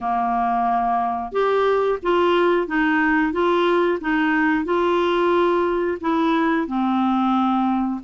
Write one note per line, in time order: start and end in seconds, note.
0.00 1.32 A#3
1.32 1.98 G4
2.02 2.67 F4
2.67 3.32 D#4
3.32 3.98 F4
4.01 4.65 D#4
4.65 5.98 F4
6.01 6.67 E4
6.67 8.00 C4